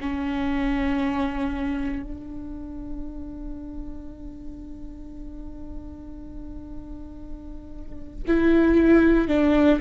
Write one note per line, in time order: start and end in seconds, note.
0.00 2.02 C#4
2.02 8.23 D4
8.27 9.28 E4
9.28 9.79 D4